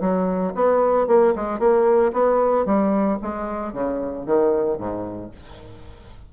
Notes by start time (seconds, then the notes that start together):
0.00 F#3
0.54 B3
1.07 A#3
1.35 G#3
1.59 A#3
2.13 B3
2.65 G3
3.22 G#3
3.73 C#3
4.26 D#3
4.78 G#2